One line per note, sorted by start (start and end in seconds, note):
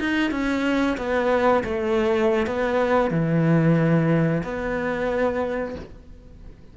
0.00 0.31 D#4
0.31 0.97 C#4
0.97 1.63 B3
1.64 2.47 A3
2.47 3.11 B3
3.11 4.43 E3
4.44 5.75 B3